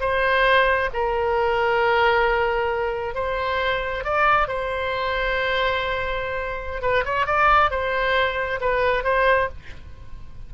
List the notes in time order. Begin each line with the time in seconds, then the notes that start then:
0.00 C5
0.93 A#4
3.14 C5
4.04 D5
4.47 C5
6.81 B4
7.04 C#5
7.26 D5
7.70 C5
8.60 B4
9.03 C5